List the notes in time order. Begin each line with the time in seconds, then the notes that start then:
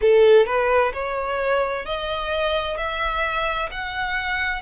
0.01 A4
0.46 B4
0.93 C#5
1.85 D#5
2.77 E5
3.71 F#5